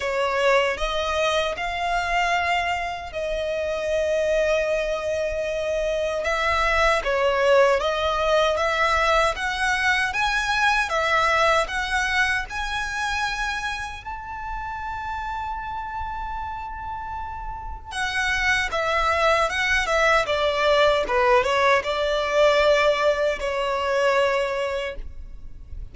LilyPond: \new Staff \with { instrumentName = "violin" } { \time 4/4 \tempo 4 = 77 cis''4 dis''4 f''2 | dis''1 | e''4 cis''4 dis''4 e''4 | fis''4 gis''4 e''4 fis''4 |
gis''2 a''2~ | a''2. fis''4 | e''4 fis''8 e''8 d''4 b'8 cis''8 | d''2 cis''2 | }